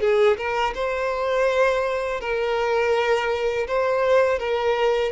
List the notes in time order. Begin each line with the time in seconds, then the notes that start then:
0.00 G#4
0.37 A#4
0.74 C5
2.20 A#4
3.67 C5
4.39 A#4